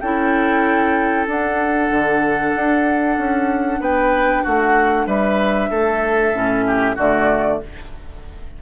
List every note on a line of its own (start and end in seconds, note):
0.00 1.27 C#4
0.00 1.26 E4
0.00 3.80 A4
0.00 1.26 G5
1.26 6.32 D4
1.26 1.90 D4
1.26 3.82 F#5
1.90 2.53 D3
2.55 3.18 D4
3.18 3.80 C#4
3.80 4.43 B3
3.80 4.43 B4
3.80 4.43 G5
4.43 5.07 A3
4.43 5.06 F#4
4.43 5.06 F#5
5.07 5.70 G3
5.07 5.70 B4
5.07 6.97 E5
5.70 6.34 A3
5.70 6.65 A4
6.33 6.97 A2
6.33 6.97 C#4
6.66 6.95 G4
6.95 7.61 D3
6.95 7.62 A3
6.95 7.58 F#4
6.95 7.62 D5